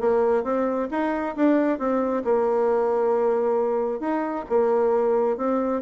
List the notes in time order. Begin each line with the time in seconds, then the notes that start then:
0.00 A#3
0.43 C4
0.91 D#4
1.36 D4
1.78 C4
2.24 A#3
4.00 D#4
4.49 A#3
5.37 C4